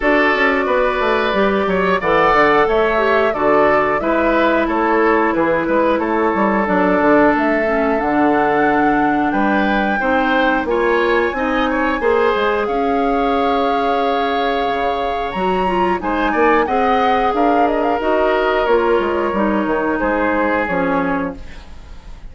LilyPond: <<
  \new Staff \with { instrumentName = "flute" } { \time 4/4 \tempo 4 = 90 d''2. fis''4 | e''4 d''4 e''4 cis''4 | b'4 cis''4 d''4 e''4 | fis''2 g''2 |
gis''2. f''4~ | f''2. ais''4 | gis''4 fis''4 f''8 dis''16 f''16 dis''4 | cis''2 c''4 cis''4 | }
  \new Staff \with { instrumentName = "oboe" } { \time 4/4 a'4 b'4. cis''8 d''4 | cis''4 a'4 b'4 a'4 | gis'8 b'8 a'2.~ | a'2 b'4 c''4 |
cis''4 dis''8 cis''8 c''4 cis''4~ | cis''1 | c''8 d''8 dis''4 ais'2~ | ais'2 gis'2 | }
  \new Staff \with { instrumentName = "clarinet" } { \time 4/4 fis'2 g'4 a'4~ | a'8 g'8 fis'4 e'2~ | e'2 d'4. cis'8 | d'2. dis'4 |
f'4 dis'4 gis'2~ | gis'2. fis'8 f'8 | dis'4 gis'2 fis'4 | f'4 dis'2 cis'4 | }
  \new Staff \with { instrumentName = "bassoon" } { \time 4/4 d'8 cis'8 b8 a8 g8 fis8 e8 d8 | a4 d4 gis4 a4 | e8 gis8 a8 g8 fis8 d8 a4 | d2 g4 c'4 |
ais4 c'4 ais8 gis8 cis'4~ | cis'2 cis4 fis4 | gis8 ais8 c'4 d'4 dis'4 | ais8 gis8 g8 dis8 gis4 f4 | }
>>